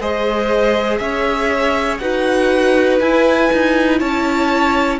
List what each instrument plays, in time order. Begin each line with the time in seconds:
0.00 cello G#3, viola G#4, violin C5 D#5
0.97 cello C#4, violin C#5 E5
1.98 cello D#4, viola F#4, violin B4 F#5
3.00 cello E4, viola E4, violin G#5
3.53 cello D#4
3.99 cello C#4, violin C#5 A5